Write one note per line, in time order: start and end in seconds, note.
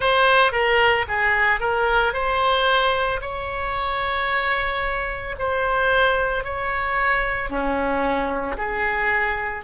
0.00 0.52 C5
0.52 1.05 A#4
1.08 1.60 G#4
1.60 2.13 A#4
2.13 3.20 C5
3.21 5.35 C#5
5.39 6.44 C5
6.44 7.49 C#5
7.49 8.56 C#4
8.57 9.64 G#4